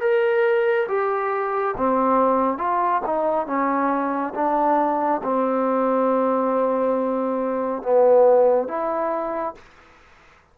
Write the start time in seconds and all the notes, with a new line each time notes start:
0.00 A#4
0.88 G4
1.77 C4
2.58 F4
3.06 D#4
3.46 C#4
4.34 D4
5.23 C4
7.82 B3
8.68 E4